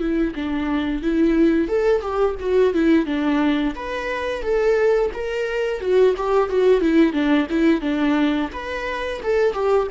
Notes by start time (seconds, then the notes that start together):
0.00 E4
0.36 D4
1.03 E4
1.68 A4
2.01 G4
2.40 F#4
2.74 E4
3.06 D4
3.76 B4
4.43 A4
5.14 A#4
5.81 F#4
6.17 G4
6.50 F#4
6.81 E4
7.13 D4
7.50 E4
7.81 D4
8.53 B4
9.23 A4
9.54 G4